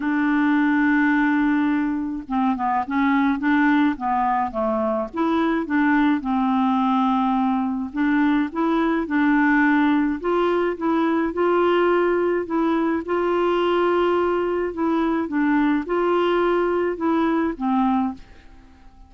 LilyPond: \new Staff \with { instrumentName = "clarinet" } { \time 4/4 \tempo 4 = 106 d'1 | c'8 b8 cis'4 d'4 b4 | a4 e'4 d'4 c'4~ | c'2 d'4 e'4 |
d'2 f'4 e'4 | f'2 e'4 f'4~ | f'2 e'4 d'4 | f'2 e'4 c'4 | }